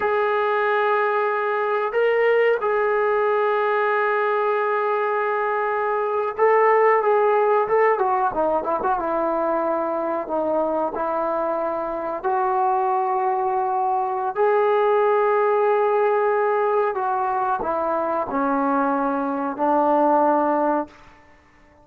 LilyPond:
\new Staff \with { instrumentName = "trombone" } { \time 4/4 \tempo 4 = 92 gis'2. ais'4 | gis'1~ | gis'4.~ gis'16 a'4 gis'4 a'16~ | a'16 fis'8 dis'8 e'16 fis'16 e'2 dis'16~ |
dis'8. e'2 fis'4~ fis'16~ | fis'2 gis'2~ | gis'2 fis'4 e'4 | cis'2 d'2 | }